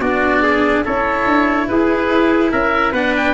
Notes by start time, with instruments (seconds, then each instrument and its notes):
0.00 tuba B3, cello D4, trumpet F#4, oboe D5
0.43 trumpet G#4
0.85 tuba C#4, cello E4, trumpet A4, oboe C#5
1.26 tuba D4
1.68 tuba E4, trumpet G#4, oboe B4
2.52 tuba C#4, trumpet A#4, oboe E5
2.92 tuba B3, cello D4, trumpet B4, oboe F#5
3.17 oboe G5